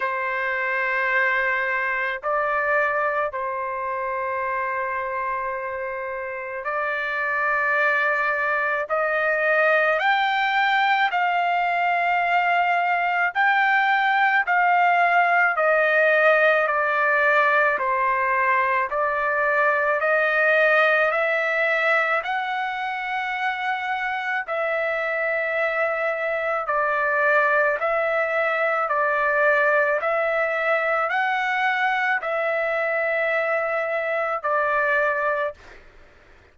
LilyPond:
\new Staff \with { instrumentName = "trumpet" } { \time 4/4 \tempo 4 = 54 c''2 d''4 c''4~ | c''2 d''2 | dis''4 g''4 f''2 | g''4 f''4 dis''4 d''4 |
c''4 d''4 dis''4 e''4 | fis''2 e''2 | d''4 e''4 d''4 e''4 | fis''4 e''2 d''4 | }